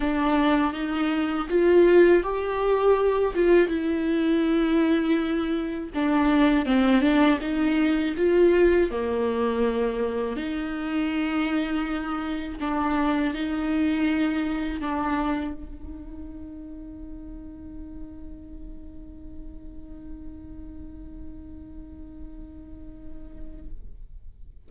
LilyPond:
\new Staff \with { instrumentName = "viola" } { \time 4/4 \tempo 4 = 81 d'4 dis'4 f'4 g'4~ | g'8 f'8 e'2. | d'4 c'8 d'8 dis'4 f'4 | ais2 dis'2~ |
dis'4 d'4 dis'2 | d'4 dis'2.~ | dis'1~ | dis'1 | }